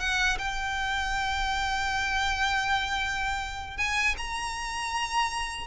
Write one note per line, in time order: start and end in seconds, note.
0.00 0.38 F#5
0.39 3.78 G5
3.78 4.16 G#5
4.18 5.67 A#5